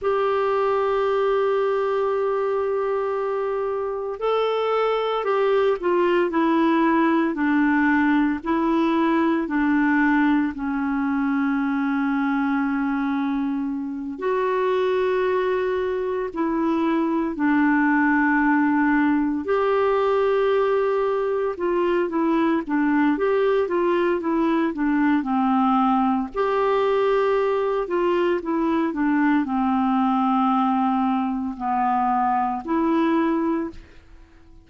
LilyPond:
\new Staff \with { instrumentName = "clarinet" } { \time 4/4 \tempo 4 = 57 g'1 | a'4 g'8 f'8 e'4 d'4 | e'4 d'4 cis'2~ | cis'4. fis'2 e'8~ |
e'8 d'2 g'4.~ | g'8 f'8 e'8 d'8 g'8 f'8 e'8 d'8 | c'4 g'4. f'8 e'8 d'8 | c'2 b4 e'4 | }